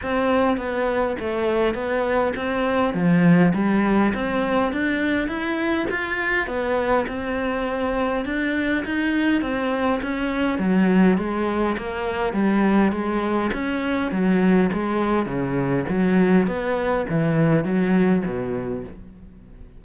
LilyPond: \new Staff \with { instrumentName = "cello" } { \time 4/4 \tempo 4 = 102 c'4 b4 a4 b4 | c'4 f4 g4 c'4 | d'4 e'4 f'4 b4 | c'2 d'4 dis'4 |
c'4 cis'4 fis4 gis4 | ais4 g4 gis4 cis'4 | fis4 gis4 cis4 fis4 | b4 e4 fis4 b,4 | }